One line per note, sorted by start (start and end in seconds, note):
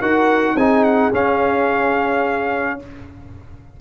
0.00 0.55 D#4
0.00 0.57 F#4
0.00 0.55 A#4
0.00 0.57 F#5
0.55 1.10 C4
0.55 1.13 D#4
0.55 2.78 G#4
0.55 0.84 G#5
0.84 1.12 F#5
1.13 2.79 C#4
1.13 2.81 F5